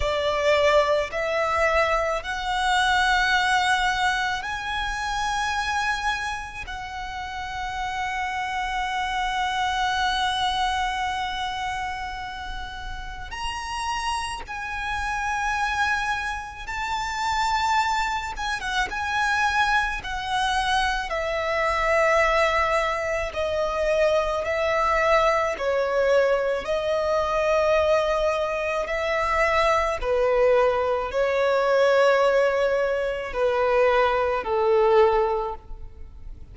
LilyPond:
\new Staff \with { instrumentName = "violin" } { \time 4/4 \tempo 4 = 54 d''4 e''4 fis''2 | gis''2 fis''2~ | fis''1 | ais''4 gis''2 a''4~ |
a''8 gis''16 fis''16 gis''4 fis''4 e''4~ | e''4 dis''4 e''4 cis''4 | dis''2 e''4 b'4 | cis''2 b'4 a'4 | }